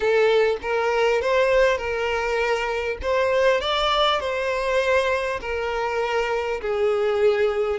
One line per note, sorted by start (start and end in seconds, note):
0.00 0.57 A4
0.62 1.21 A#4
1.21 1.77 C5
1.77 2.97 A#4
3.02 3.60 C5
3.60 4.19 D5
4.19 5.39 C5
5.40 6.60 A#4
6.61 7.79 G#4